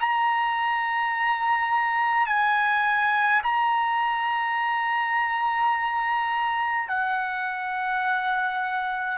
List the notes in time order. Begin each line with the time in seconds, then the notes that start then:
0.00 A#5
2.27 G#5
3.43 A#5
6.88 F#5